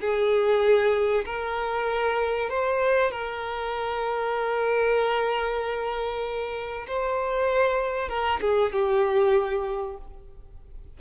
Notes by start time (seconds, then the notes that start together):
0.00 G#4
1.25 A#4
2.50 C5
3.11 A#4
6.87 C5
8.09 A#4
8.41 G#4
8.72 G4